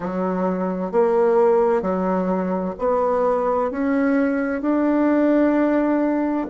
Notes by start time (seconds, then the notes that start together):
0.00 F#3
0.91 A#3
1.82 F#3
2.79 B3
3.70 C#4
4.62 D4